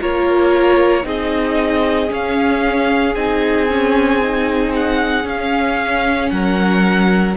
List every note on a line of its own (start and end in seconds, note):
0.00 1.04 A#3
0.00 1.03 F4
0.00 1.05 A#4
0.00 1.07 C#5
1.03 2.09 C4
1.03 2.08 D#4
1.03 6.32 G#4
1.03 2.12 D#5
2.08 3.14 C#4
2.08 3.14 F5
3.14 5.25 C4
3.14 3.69 D#4
3.14 4.72 G#5
3.69 4.21 C#4
4.22 5.23 D#4
4.75 5.28 F#5
5.23 7.33 C#4
5.23 6.30 C#4
5.23 6.30 F5
6.30 7.36 F#3
6.30 7.37 A#4
6.30 7.35 F#5